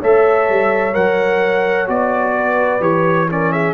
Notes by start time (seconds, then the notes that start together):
0.00 A3 A4 C#5 E5
0.50 G3
0.94 F#3 A#4 F#5
1.87 B3 F#4 D5
2.37 B4
2.80 E3 G4 C#5
3.30 C#4 A#4 D5
3.52 G#4 E5